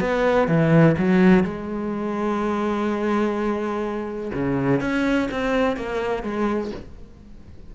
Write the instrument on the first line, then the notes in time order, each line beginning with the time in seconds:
cello
0.00 B3
0.48 E3
0.97 F#3
1.43 G#3
4.33 C#3
4.80 C#4
5.30 C4
5.76 A#3
6.22 G#3